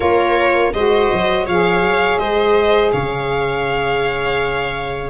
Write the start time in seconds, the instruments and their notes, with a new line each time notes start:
0.00 tuba A#3, saxophone F4, viola A#4, violin C#5
0.73 tuba G#3, saxophone F#4, viola C5, violin D#5
1.12 tuba F#3
1.45 tuba F3, saxophone G#4, viola C#5, violin F5
1.81 tuba F#3
2.18 tuba G#3, viola C5, violin D#5
2.92 tuba C#3, viola C#5, violin F5